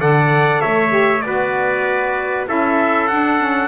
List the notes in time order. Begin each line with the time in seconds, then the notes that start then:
0.00 D3 A4 D5 F#5
0.61 A3 C#5 E5
0.89 G4
1.22 B3 F#4 B4 D5
2.47 C#4 E4 A4 E5
3.07 D4 F#5
3.40 C#4